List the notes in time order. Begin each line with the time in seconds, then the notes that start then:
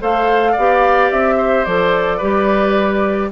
0.00 A3 A4 C5 F5
0.52 B3 D5
0.58 G4
1.11 C4 E5
1.38 C5
1.65 F3 A4 D5
2.18 G3 G4 B4